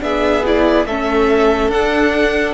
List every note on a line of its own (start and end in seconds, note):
0.00 0.85 B3
0.00 0.42 D4
0.00 0.87 G#4
0.00 0.45 E5
0.45 0.88 E4
0.45 0.86 D5
0.85 1.68 A3
0.85 1.72 C#4
0.85 2.54 A4
0.85 1.71 E5
1.68 2.53 D4
1.68 2.54 D4
1.68 2.54 F#5